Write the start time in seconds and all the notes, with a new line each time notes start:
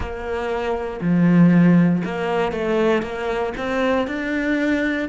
0.00 A#3
1.01 F3
2.04 A#3
2.51 A3
3.02 A#3
3.57 C4
4.07 D4